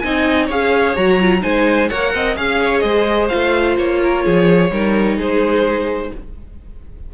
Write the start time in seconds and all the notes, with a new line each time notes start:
0.00 C4 D#4 D#5 G#5
0.47 C#4 G#4 C#5 F5
0.96 F#3 F#4 A#5
1.21 F4
1.41 G#3 D#4 C5 G#5
1.89 A#3 A#4 C#5 F#5
2.15 C4 D#5
2.37 C#4 G#4 F5
2.61 C#5
2.80 G#3 C5 D#5
3.29 A3 F4 F5
3.78 A#3 C#5
4.03 A#4
4.25 F3 G#4
4.71 G3 D#4 A#4
5.17 G#3 G#4 C5